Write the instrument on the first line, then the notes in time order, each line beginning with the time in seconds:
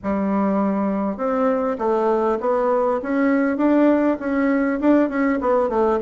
bassoon
0.03 G3
1.17 C4
1.78 A3
2.40 B3
3.02 C#4
3.57 D4
4.19 C#4
4.80 D4
5.09 C#4
5.40 B3
5.69 A3